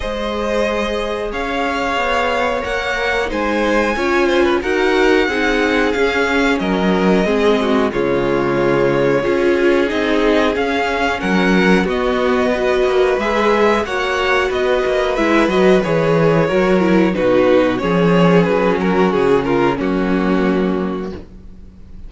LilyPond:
<<
  \new Staff \with { instrumentName = "violin" } { \time 4/4 \tempo 4 = 91 dis''2 f''2 | fis''4 gis''2 fis''4~ | fis''4 f''4 dis''2 | cis''2. dis''4 |
f''4 fis''4 dis''2 | e''4 fis''4 dis''4 e''8 dis''8 | cis''2 b'4 cis''4 | b'8 ais'8 gis'8 ais'8 fis'2 | }
  \new Staff \with { instrumentName = "violin" } { \time 4/4 c''2 cis''2~ | cis''4 c''4 cis''8 c''16 b'16 ais'4 | gis'2 ais'4 gis'8 fis'8 | f'2 gis'2~ |
gis'4 ais'4 fis'4 b'4~ | b'4 cis''4 b'2~ | b'4 ais'4 fis'4 gis'4~ | gis'8 fis'4 f'8 cis'2 | }
  \new Staff \with { instrumentName = "viola" } { \time 4/4 gis'1 | ais'4 dis'4 f'4 fis'4 | dis'4 cis'2 c'4 | gis2 f'4 dis'4 |
cis'2 b4 fis'4 | gis'4 fis'2 e'8 fis'8 | gis'4 fis'8 e'8 dis'4 cis'4~ | cis'2 ais2 | }
  \new Staff \with { instrumentName = "cello" } { \time 4/4 gis2 cis'4 b4 | ais4 gis4 cis'4 dis'4 | c'4 cis'4 fis4 gis4 | cis2 cis'4 c'4 |
cis'4 fis4 b4. ais8 | gis4 ais4 b8 ais8 gis8 fis8 | e4 fis4 b,4 f4 | fis4 cis4 fis2 | }
>>